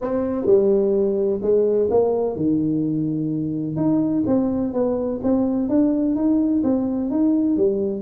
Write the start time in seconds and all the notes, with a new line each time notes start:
0.01 C4
0.46 G3
1.42 G#3
1.90 A#3
2.36 D#3
3.76 D#4
4.26 C4
4.73 B3
5.23 C4
5.68 D4
6.15 D#4
6.63 C4
7.10 D#4
7.57 G3